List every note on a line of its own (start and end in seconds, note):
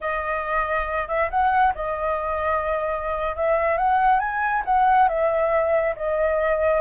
0.00 1.08 D#5
1.08 1.29 E5
1.30 1.73 F#5
1.74 3.36 D#5
3.36 3.77 E5
3.77 4.19 F#5
4.19 4.62 G#5
4.65 5.08 F#5
5.08 5.95 E5
5.95 6.80 D#5